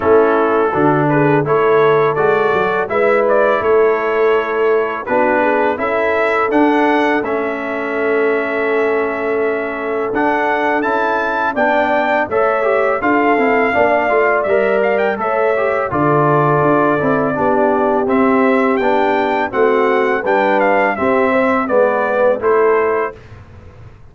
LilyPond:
<<
  \new Staff \with { instrumentName = "trumpet" } { \time 4/4 \tempo 4 = 83 a'4. b'8 cis''4 d''4 | e''8 d''8 cis''2 b'4 | e''4 fis''4 e''2~ | e''2 fis''4 a''4 |
g''4 e''4 f''2 | e''8 f''16 g''16 e''4 d''2~ | d''4 e''4 g''4 fis''4 | g''8 f''8 e''4 d''4 c''4 | }
  \new Staff \with { instrumentName = "horn" } { \time 4/4 e'4 fis'8 gis'8 a'2 | b'4 a'2 fis'8 gis'8 | a'1~ | a'1 |
d''4 cis''4 a'4 d''4~ | d''4 cis''4 a'2 | g'2. fis'4 | b'4 g'8 c''8 b'4 a'4 | }
  \new Staff \with { instrumentName = "trombone" } { \time 4/4 cis'4 d'4 e'4 fis'4 | e'2. d'4 | e'4 d'4 cis'2~ | cis'2 d'4 e'4 |
d'4 a'8 g'8 f'8 e'8 d'8 f'8 | ais'4 a'8 g'8 f'4. e'8 | d'4 c'4 d'4 c'4 | d'4 c'4 b4 e'4 | }
  \new Staff \with { instrumentName = "tuba" } { \time 4/4 a4 d4 a4 gis8 fis8 | gis4 a2 b4 | cis'4 d'4 a2~ | a2 d'4 cis'4 |
b4 a4 d'8 c'8 ais8 a8 | g4 a4 d4 d'8 c'8 | b4 c'4 b4 a4 | g4 c'4 gis4 a4 | }
>>